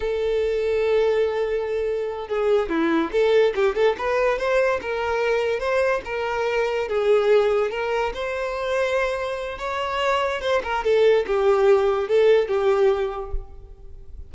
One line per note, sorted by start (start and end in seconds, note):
0.00 2.28 A4
2.28 2.69 G#4
2.69 3.10 E4
3.12 3.53 A4
3.55 3.75 G4
3.75 3.95 A4
3.98 4.38 B4
4.38 4.80 C5
4.81 5.59 A#4
5.59 6.01 C5
6.05 6.88 A#4
6.88 7.71 G#4
7.71 8.12 A#4
8.14 9.58 C5
9.58 10.41 C#5
10.41 10.62 C5
10.63 10.84 A#4
10.84 11.25 A4
11.27 12.08 G4
12.08 12.48 A4
12.48 13.31 G4